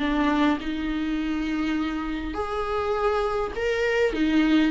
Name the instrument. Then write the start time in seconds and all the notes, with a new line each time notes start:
viola
0.00 D4
0.60 D#4
2.34 G#4
3.56 A#4
4.13 D#4